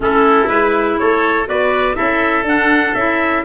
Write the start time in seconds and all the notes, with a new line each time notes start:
0.00 A3 C#4 E4 A4
0.48 G#3 E4 B4
0.98 A3 A4 C#5
1.45 B3 F#4 B4 D5
1.94 C#4 E4 A4 E5
2.42 D4 F#5
2.94 C#4 E4 E5